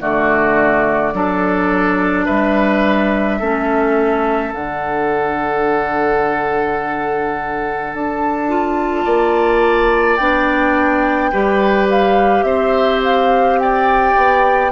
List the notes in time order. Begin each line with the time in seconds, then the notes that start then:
0.00 D3 A3 F#4 D5
1.13 F#3 D4 A4
2.25 G3 B4 E5
3.39 A3 C#4 A4
4.53 D3 D4 F#5
7.93 D4 A5
8.48 F4
9.05 A#3 D5
10.17 B3 D4 G5
11.31 G3 G4 B4
11.90 F5
12.43 C4 C5 E5
13.04 F5
13.59 D5 G5
14.16 B3